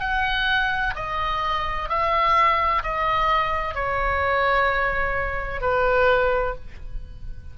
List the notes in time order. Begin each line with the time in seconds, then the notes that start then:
0.00 F#5
0.95 D#5
1.89 E5
2.83 D#5
3.75 C#5
5.61 B4